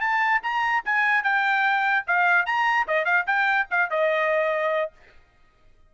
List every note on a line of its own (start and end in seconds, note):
0.00 0.41 A5
0.42 0.83 A#5
0.85 1.23 G#5
1.23 2.05 G5
2.07 2.46 F5
2.46 2.86 A#5
2.87 3.05 D#5
3.05 3.25 F5
3.27 3.68 G5
3.71 3.90 F5
3.90 4.92 D#5